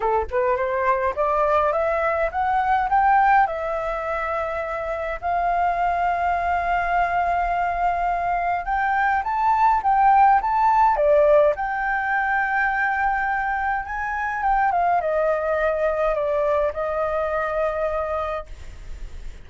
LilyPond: \new Staff \with { instrumentName = "flute" } { \time 4/4 \tempo 4 = 104 a'8 b'8 c''4 d''4 e''4 | fis''4 g''4 e''2~ | e''4 f''2.~ | f''2. g''4 |
a''4 g''4 a''4 d''4 | g''1 | gis''4 g''8 f''8 dis''2 | d''4 dis''2. | }